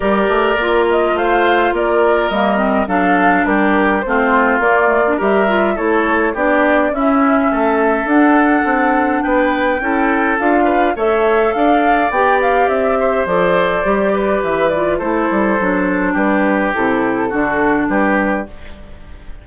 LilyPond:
<<
  \new Staff \with { instrumentName = "flute" } { \time 4/4 \tempo 4 = 104 d''4. dis''8 f''4 d''4 | dis''4 f''4 ais'4 c''4 | d''4 e''4 cis''4 d''4 | e''2 fis''2 |
g''2 f''4 e''4 | f''4 g''8 f''8 e''4 d''4~ | d''4 e''8 d''8 c''2 | b'4 a'2 b'4 | }
  \new Staff \with { instrumentName = "oboe" } { \time 4/4 ais'2 c''4 ais'4~ | ais'4 a'4 g'4 f'4~ | f'4 ais'4 a'4 g'4 | e'4 a'2. |
b'4 a'4. b'8 cis''4 | d''2~ d''8 c''4.~ | c''8 b'4. a'2 | g'2 fis'4 g'4 | }
  \new Staff \with { instrumentName = "clarinet" } { \time 4/4 g'4 f'2. | ais8 c'8 d'2 c'4 | ais8 a16 d'16 g'8 f'8 e'4 d'4 | cis'2 d'2~ |
d'4 e'4 f'4 a'4~ | a'4 g'2 a'4 | g'4. f'8 e'4 d'4~ | d'4 e'4 d'2 | }
  \new Staff \with { instrumentName = "bassoon" } { \time 4/4 g8 a8 ais4 a4 ais4 | g4 fis4 g4 a4 | ais4 g4 a4 b4 | cis'4 a4 d'4 c'4 |
b4 cis'4 d'4 a4 | d'4 b4 c'4 f4 | g4 e4 a8 g8 fis4 | g4 c4 d4 g4 | }
>>